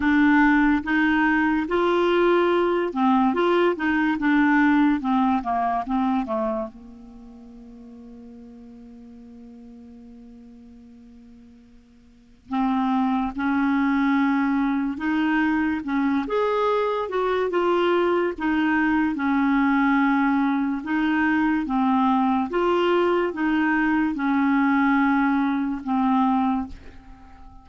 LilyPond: \new Staff \with { instrumentName = "clarinet" } { \time 4/4 \tempo 4 = 72 d'4 dis'4 f'4. c'8 | f'8 dis'8 d'4 c'8 ais8 c'8 a8 | ais1~ | ais2. c'4 |
cis'2 dis'4 cis'8 gis'8~ | gis'8 fis'8 f'4 dis'4 cis'4~ | cis'4 dis'4 c'4 f'4 | dis'4 cis'2 c'4 | }